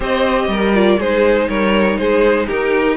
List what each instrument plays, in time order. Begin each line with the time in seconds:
0.00 cello C4, viola G4, violin C5 D#5
0.47 cello G3, violin A#4
0.74 viola F4, violin D5
0.98 cello G#3, viola D#4, violin G#4 C5
1.48 cello G3, violin A#4 C#5
1.97 cello G#3, violin G#4 C5
2.46 cello D#4, violin G4 A#4